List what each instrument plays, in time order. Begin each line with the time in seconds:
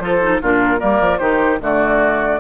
0.00 bassoon F3, clarinet F4, oboe A4, flute C5
0.22 clarinet D#4
0.42 bassoon A#2, clarinet D4, oboe F4, flute A#4
0.79 bassoon G3, clarinet A#3, oboe A#4, flute D5
1.01 bassoon F3
1.19 bassoon D#3, clarinet D#4, oboe G4, flute C5
1.60 bassoon D3, clarinet A3, oboe F#4, flute D5